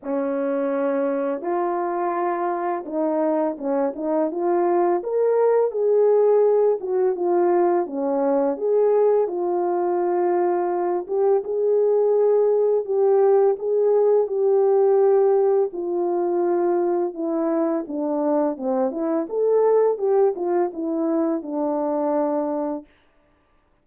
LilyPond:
\new Staff \with { instrumentName = "horn" } { \time 4/4 \tempo 4 = 84 cis'2 f'2 | dis'4 cis'8 dis'8 f'4 ais'4 | gis'4. fis'8 f'4 cis'4 | gis'4 f'2~ f'8 g'8 |
gis'2 g'4 gis'4 | g'2 f'2 | e'4 d'4 c'8 e'8 a'4 | g'8 f'8 e'4 d'2 | }